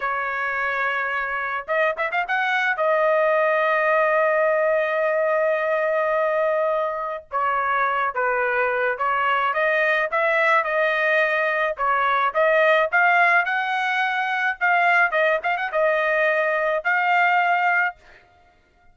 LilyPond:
\new Staff \with { instrumentName = "trumpet" } { \time 4/4 \tempo 4 = 107 cis''2. dis''8 e''16 f''16 | fis''4 dis''2.~ | dis''1~ | dis''4 cis''4. b'4. |
cis''4 dis''4 e''4 dis''4~ | dis''4 cis''4 dis''4 f''4 | fis''2 f''4 dis''8 f''16 fis''16 | dis''2 f''2 | }